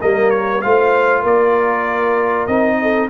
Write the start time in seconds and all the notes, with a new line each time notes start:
0.00 G3 A#3 A#4 D#5
0.30 C#5
0.61 A3 F4 C5 F5
1.22 A#3 A#4 D5
2.47 C4 D#4 D#5
2.82 A4